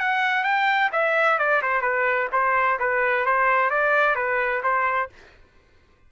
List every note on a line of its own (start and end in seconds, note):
0.00 0.44 F#5
0.44 0.91 G5
0.93 1.39 E5
1.39 1.62 D5
1.63 1.82 C5
1.82 2.29 B4
2.32 2.79 C5
2.80 3.26 B4
3.26 3.70 C5
3.70 4.16 D5
4.16 4.62 B4
4.63 5.10 C5